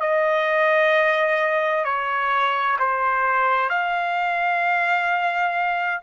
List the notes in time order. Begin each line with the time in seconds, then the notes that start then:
0.00 D#5
1.84 C#5
2.79 C5
3.69 F5